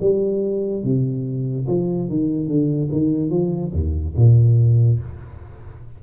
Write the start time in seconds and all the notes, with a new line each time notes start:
0.00 G3
0.83 C3
1.67 F3
2.09 D#3
2.47 D3
2.92 D#3
3.30 F3
3.73 D#2
4.16 A#2